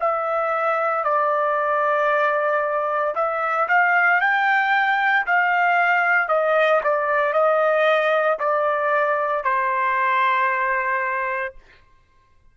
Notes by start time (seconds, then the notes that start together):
0.00 E5
1.04 D5
3.15 E5
3.68 F5
4.21 G5
5.27 F5
6.29 D#5
6.84 D5
7.33 D#5
8.39 D5
9.44 C5